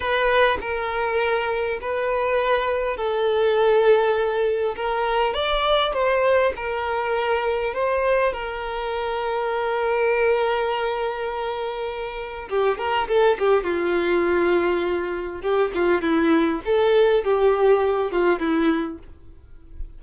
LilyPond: \new Staff \with { instrumentName = "violin" } { \time 4/4 \tempo 4 = 101 b'4 ais'2 b'4~ | b'4 a'2. | ais'4 d''4 c''4 ais'4~ | ais'4 c''4 ais'2~ |
ais'1~ | ais'4 g'8 ais'8 a'8 g'8 f'4~ | f'2 g'8 f'8 e'4 | a'4 g'4. f'8 e'4 | }